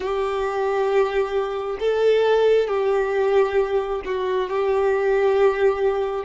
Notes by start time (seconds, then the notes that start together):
0.00 G4
1.79 A4
2.67 G4
4.05 F#4
4.49 G4